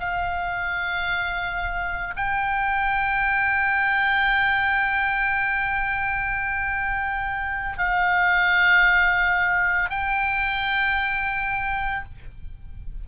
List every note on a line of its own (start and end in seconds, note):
0.00 2.14 F5
2.16 7.78 G5
7.78 9.90 F5
9.90 12.04 G5